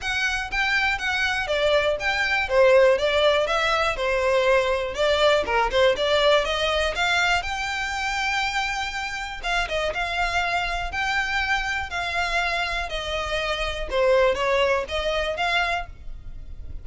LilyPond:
\new Staff \with { instrumentName = "violin" } { \time 4/4 \tempo 4 = 121 fis''4 g''4 fis''4 d''4 | g''4 c''4 d''4 e''4 | c''2 d''4 ais'8 c''8 | d''4 dis''4 f''4 g''4~ |
g''2. f''8 dis''8 | f''2 g''2 | f''2 dis''2 | c''4 cis''4 dis''4 f''4 | }